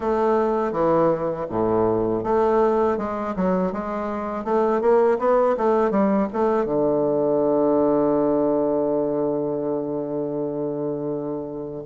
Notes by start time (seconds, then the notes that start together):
0.00 A3
0.72 E3
1.49 A2
2.23 A3
2.97 G#3
3.36 F#3
3.72 G#3
4.44 A3
4.81 A#3
5.19 B3
5.57 A3
5.90 G3
6.32 A3
6.65 D3